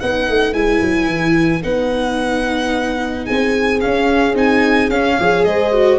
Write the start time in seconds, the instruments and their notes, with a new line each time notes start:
0.00 tuba B3, viola D#4, horn B4, violin F#5
0.29 tuba A3
0.53 tuba G#3, viola E4, violin G#5
0.81 tuba F#3
1.07 tuba E3
1.62 tuba B3, viola D#4, violin F#5
3.25 tuba C4, horn G#4, violin G#5
3.80 viola C#4, tuba C#4, violin F5
4.34 tuba C4, viola D#4, violin G#5
4.89 tuba C#4, viola C#4, violin F5
5.19 tuba F3, viola G#4, horn C#5
5.45 tuba G#3, horn C5, violin D#5
5.72 viola F#4